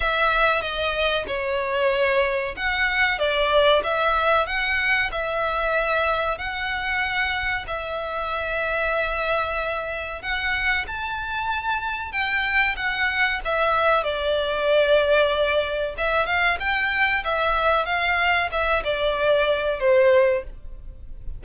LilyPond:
\new Staff \with { instrumentName = "violin" } { \time 4/4 \tempo 4 = 94 e''4 dis''4 cis''2 | fis''4 d''4 e''4 fis''4 | e''2 fis''2 | e''1 |
fis''4 a''2 g''4 | fis''4 e''4 d''2~ | d''4 e''8 f''8 g''4 e''4 | f''4 e''8 d''4. c''4 | }